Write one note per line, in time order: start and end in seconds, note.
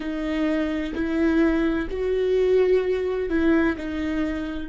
0.00 0.93 D#4
0.94 1.87 E4
1.90 3.29 F#4
3.29 3.76 E4
3.77 4.68 D#4